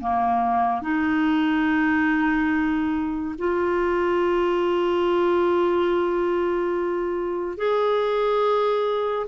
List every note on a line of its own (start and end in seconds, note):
0.00 0.82 A#3
0.82 3.35 D#4
3.38 7.57 F4
7.57 9.27 G#4